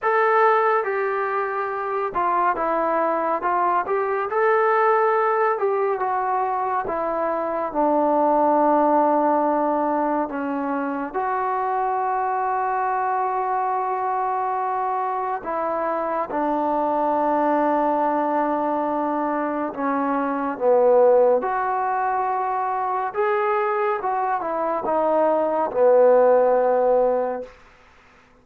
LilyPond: \new Staff \with { instrumentName = "trombone" } { \time 4/4 \tempo 4 = 70 a'4 g'4. f'8 e'4 | f'8 g'8 a'4. g'8 fis'4 | e'4 d'2. | cis'4 fis'2.~ |
fis'2 e'4 d'4~ | d'2. cis'4 | b4 fis'2 gis'4 | fis'8 e'8 dis'4 b2 | }